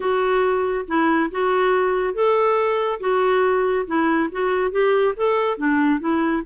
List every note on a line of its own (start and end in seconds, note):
0.00 0.85 F#4
0.87 1.30 E4
1.31 2.14 F#4
2.14 2.99 A4
3.00 3.85 F#4
3.86 4.29 E4
4.31 4.71 F#4
4.71 5.14 G4
5.16 5.57 A4
5.57 5.99 D4
5.99 6.42 E4